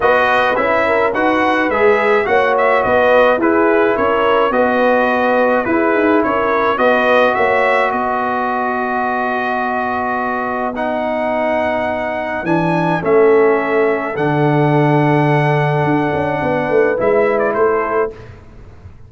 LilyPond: <<
  \new Staff \with { instrumentName = "trumpet" } { \time 4/4 \tempo 4 = 106 dis''4 e''4 fis''4 e''4 | fis''8 e''8 dis''4 b'4 cis''4 | dis''2 b'4 cis''4 | dis''4 e''4 dis''2~ |
dis''2. fis''4~ | fis''2 gis''4 e''4~ | e''4 fis''2.~ | fis''2 e''8. d''16 c''4 | }
  \new Staff \with { instrumentName = "horn" } { \time 4/4 b'4. ais'8 b'2 | cis''4 b'4 gis'4 ais'4 | b'2 gis'4 ais'4 | b'4 cis''4 b'2~ |
b'1~ | b'2. a'4~ | a'1~ | a'4 b'2 a'4 | }
  \new Staff \with { instrumentName = "trombone" } { \time 4/4 fis'4 e'4 fis'4 gis'4 | fis'2 e'2 | fis'2 e'2 | fis'1~ |
fis'2. dis'4~ | dis'2 d'4 cis'4~ | cis'4 d'2.~ | d'2 e'2 | }
  \new Staff \with { instrumentName = "tuba" } { \time 4/4 b4 cis'4 dis'4 gis4 | ais4 b4 e'4 cis'4 | b2 e'8 dis'8 cis'4 | b4 ais4 b2~ |
b1~ | b2 e4 a4~ | a4 d2. | d'8 cis'8 b8 a8 gis4 a4 | }
>>